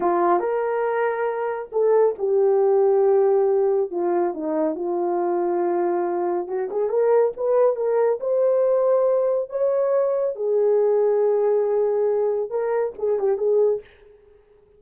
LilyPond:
\new Staff \with { instrumentName = "horn" } { \time 4/4 \tempo 4 = 139 f'4 ais'2. | a'4 g'2.~ | g'4 f'4 dis'4 f'4~ | f'2. fis'8 gis'8 |
ais'4 b'4 ais'4 c''4~ | c''2 cis''2 | gis'1~ | gis'4 ais'4 gis'8 g'8 gis'4 | }